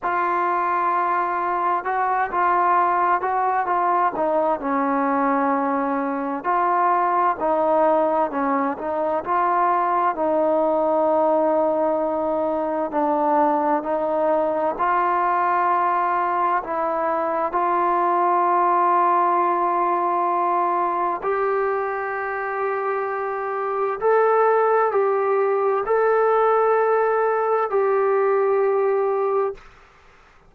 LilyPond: \new Staff \with { instrumentName = "trombone" } { \time 4/4 \tempo 4 = 65 f'2 fis'8 f'4 fis'8 | f'8 dis'8 cis'2 f'4 | dis'4 cis'8 dis'8 f'4 dis'4~ | dis'2 d'4 dis'4 |
f'2 e'4 f'4~ | f'2. g'4~ | g'2 a'4 g'4 | a'2 g'2 | }